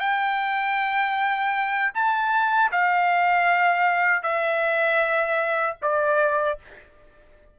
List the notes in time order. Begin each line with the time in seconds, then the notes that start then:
0.00 G5
1.95 A5
2.72 F5
4.23 E5
5.82 D5